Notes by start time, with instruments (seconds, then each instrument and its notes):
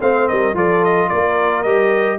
0.00 tuba A3, trombone C4, horn C5, trumpet F5
0.28 tuba G3, horn A#4, trumpet D#5
0.54 tuba F3, trombone F4, horn A4, trumpet D5
0.84 trumpet D#5
1.09 tuba A#3, horn A#4, trumpet D5
1.63 tuba G3, trombone G4, trumpet D#5